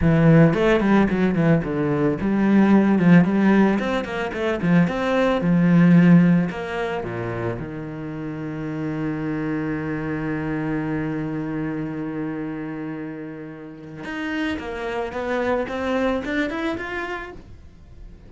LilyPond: \new Staff \with { instrumentName = "cello" } { \time 4/4 \tempo 4 = 111 e4 a8 g8 fis8 e8 d4 | g4. f8 g4 c'8 ais8 | a8 f8 c'4 f2 | ais4 ais,4 dis2~ |
dis1~ | dis1~ | dis2 dis'4 ais4 | b4 c'4 d'8 e'8 f'4 | }